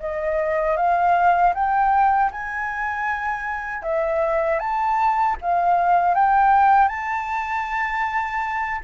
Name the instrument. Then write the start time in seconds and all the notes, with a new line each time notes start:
flute
0.00 D#5
0.77 F5
1.55 G5
2.31 G#5
3.83 E5
4.59 A5
5.42 F5
6.15 G5
6.89 A5